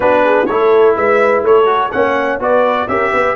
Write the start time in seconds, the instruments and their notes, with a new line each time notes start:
0.00 tuba B3, trombone D4, horn F#4, trumpet B4
0.24 horn G#4
0.46 tuba A3, trombone E4, horn A4, trumpet C#5
0.96 tuba G#3, horn B4, trumpet E5
1.42 tuba A3, horn A4, trumpet C#5
1.65 trombone F#4
1.91 tuba A#3, trombone C#4, horn C#5, trumpet F#5
2.38 tuba B3, trombone F#4, horn B4, trumpet D5
2.88 tuba C#4, trombone G4, horn A#4, trumpet E5
3.12 tuba B3, horn B4